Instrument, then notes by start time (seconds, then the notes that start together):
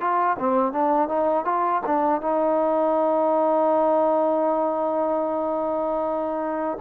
trombone
0.00 F4
0.39 C4
0.72 D4
1.08 D#4
1.45 F4
1.86 D4
2.21 D#4